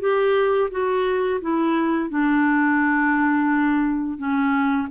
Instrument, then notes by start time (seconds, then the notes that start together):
clarinet
0.00 G4
0.71 F#4
1.41 E4
2.10 D4
4.18 C#4